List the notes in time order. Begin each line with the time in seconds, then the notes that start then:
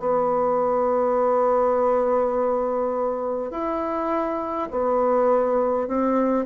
0.00 B3
3.51 E4
4.71 B3
5.88 C4